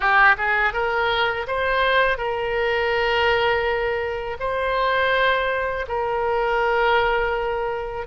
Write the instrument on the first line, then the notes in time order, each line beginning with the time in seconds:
oboe
0.00 G4
0.37 G#4
0.73 A#4
1.47 C5
2.17 A#4
4.39 C5
5.87 A#4